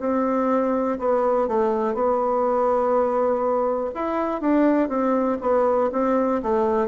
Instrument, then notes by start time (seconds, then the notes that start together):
bassoon
0.00 C4
0.99 B3
1.48 A3
1.94 B3
3.95 E4
4.41 D4
4.89 C4
5.41 B3
5.92 C4
6.42 A3